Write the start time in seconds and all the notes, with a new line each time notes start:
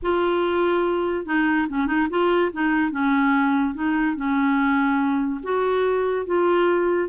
0.02 F4
1.25 D#4
1.68 C#4
1.87 D#4
2.10 F4
2.52 D#4
2.91 C#4
3.74 D#4
4.16 C#4
5.43 F#4
6.25 F4